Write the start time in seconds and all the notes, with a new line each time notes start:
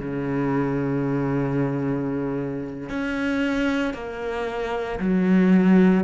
0.00 C#3
2.89 C#4
3.94 A#3
5.00 F#3